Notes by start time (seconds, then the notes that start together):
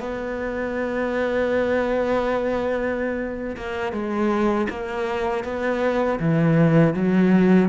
0.00 B3
3.57 A#3
3.93 G#3
4.70 A#3
5.44 B3
6.20 E3
6.94 F#3